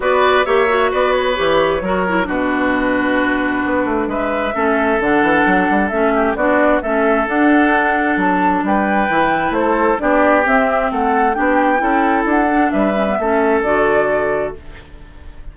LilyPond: <<
  \new Staff \with { instrumentName = "flute" } { \time 4/4 \tempo 4 = 132 d''4 e''4 d''8 cis''4.~ | cis''4 b'2.~ | b'4 e''2 fis''4~ | fis''4 e''4 d''4 e''4 |
fis''2 a''4 g''4~ | g''4 c''4 d''4 e''4 | fis''4 g''2 fis''4 | e''2 d''2 | }
  \new Staff \with { instrumentName = "oboe" } { \time 4/4 b'4 cis''4 b'2 | ais'4 fis'2.~ | fis'4 b'4 a'2~ | a'4. g'8 fis'4 a'4~ |
a'2. b'4~ | b'4 a'4 g'2 | a'4 g'4 a'2 | b'4 a'2. | }
  \new Staff \with { instrumentName = "clarinet" } { \time 4/4 fis'4 g'8 fis'4. g'4 | fis'8 e'8 d'2.~ | d'2 cis'4 d'4~ | d'4 cis'4 d'4 cis'4 |
d'1 | e'2 d'4 c'4~ | c'4 d'4 e'4. d'8~ | d'8 cis'16 b16 cis'4 fis'2 | }
  \new Staff \with { instrumentName = "bassoon" } { \time 4/4 b4 ais4 b4 e4 | fis4 b,2. | b8 a8 gis4 a4 d8 e8 | fis8 g8 a4 b4 a4 |
d'2 fis4 g4 | e4 a4 b4 c'4 | a4 b4 cis'4 d'4 | g4 a4 d2 | }
>>